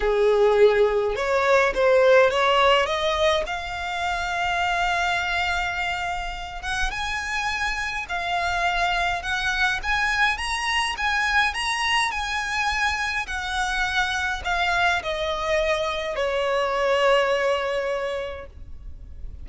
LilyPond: \new Staff \with { instrumentName = "violin" } { \time 4/4 \tempo 4 = 104 gis'2 cis''4 c''4 | cis''4 dis''4 f''2~ | f''2.~ f''8 fis''8 | gis''2 f''2 |
fis''4 gis''4 ais''4 gis''4 | ais''4 gis''2 fis''4~ | fis''4 f''4 dis''2 | cis''1 | }